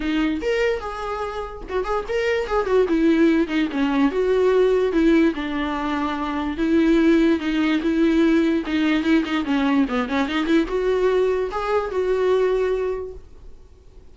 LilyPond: \new Staff \with { instrumentName = "viola" } { \time 4/4 \tempo 4 = 146 dis'4 ais'4 gis'2 | fis'8 gis'8 ais'4 gis'8 fis'8 e'4~ | e'8 dis'8 cis'4 fis'2 | e'4 d'2. |
e'2 dis'4 e'4~ | e'4 dis'4 e'8 dis'8 cis'4 | b8 cis'8 dis'8 e'8 fis'2 | gis'4 fis'2. | }